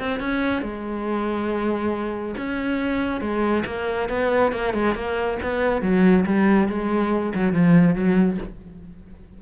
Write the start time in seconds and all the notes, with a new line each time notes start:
0.00 C4
0.20 C#4
0.63 G#3
2.37 C#4
3.21 G#3
3.66 A#3
4.09 B3
4.53 A#3
4.74 G#3
4.95 A#3
5.43 B3
5.82 F#3
6.26 G3
6.69 G#3
7.36 F#3
7.53 F3
7.95 F#3